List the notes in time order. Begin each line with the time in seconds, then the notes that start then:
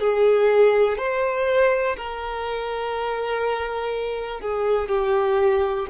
0.00 G#4
0.98 C5
1.96 A#4
4.41 G#4
4.89 G4